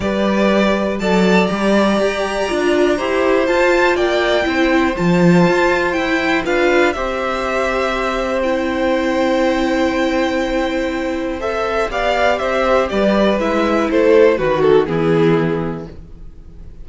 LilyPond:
<<
  \new Staff \with { instrumentName = "violin" } { \time 4/4 \tempo 4 = 121 d''2 a''4 ais''4~ | ais''2. a''4 | g''2 a''2 | g''4 f''4 e''2~ |
e''4 g''2.~ | g''2. e''4 | f''4 e''4 d''4 e''4 | c''4 b'8 a'8 gis'2 | }
  \new Staff \with { instrumentName = "violin" } { \time 4/4 b'2 d''2~ | d''2 c''2 | d''4 c''2.~ | c''4 b'4 c''2~ |
c''1~ | c''1 | d''4 c''4 b'2 | a'4 fis'4 e'2 | }
  \new Staff \with { instrumentName = "viola" } { \time 4/4 g'2 a'4 g'4~ | g'4 f'4 g'4 f'4~ | f'4 e'4 f'2 | e'4 f'4 g'2~ |
g'4 e'2.~ | e'2. a'4 | g'2. e'4~ | e'4 fis'4 b2 | }
  \new Staff \with { instrumentName = "cello" } { \time 4/4 g2 fis4 g4 | g'4 d'4 e'4 f'4 | ais4 c'4 f4 f'4 | e'4 d'4 c'2~ |
c'1~ | c'1 | b4 c'4 g4 gis4 | a4 dis4 e2 | }
>>